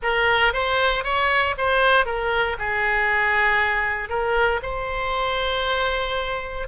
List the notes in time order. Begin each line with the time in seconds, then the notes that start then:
0.02 A#4
0.53 C5
1.03 C#5
1.57 C5
2.05 A#4
2.58 G#4
4.09 A#4
4.62 C5